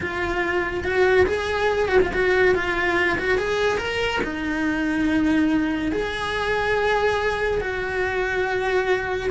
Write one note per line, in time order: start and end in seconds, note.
0.00 0.83 F4
0.83 1.26 F#4
1.26 1.88 G#4
1.88 1.99 F#4
2.02 2.12 F4
2.13 2.54 F#4
2.54 3.18 F4
3.18 3.38 F#4
3.38 3.78 G#4
3.78 4.20 A#4
4.23 5.92 D#4
5.92 7.60 G#4
7.60 9.29 F#4